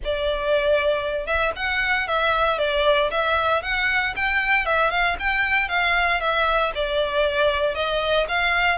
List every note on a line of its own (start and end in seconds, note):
0.04 1.26 D5
1.26 1.52 E5
1.55 2.07 F#5
2.07 2.58 E5
2.58 3.10 D5
3.10 3.62 E5
3.62 4.14 F#5
4.15 4.65 G5
4.65 4.90 E5
4.90 5.16 F5
5.19 5.68 G5
5.68 6.20 F5
6.20 6.71 E5
6.74 7.74 D5
7.74 8.26 D#5
8.28 8.78 F5